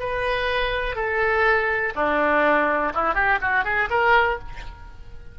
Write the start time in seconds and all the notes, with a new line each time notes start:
0.00 B4
0.96 A4
1.96 D4
2.95 E4
3.15 G4
3.42 F#4
3.65 G#4
3.90 A#4